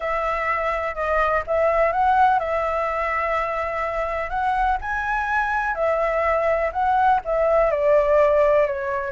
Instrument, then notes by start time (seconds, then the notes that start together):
flute
0.00 E5
0.94 D#5
1.46 E5
1.92 F#5
2.39 E5
4.29 F#5
4.81 G#5
5.74 E5
6.72 F#5
7.24 E5
7.70 D5
8.66 C#5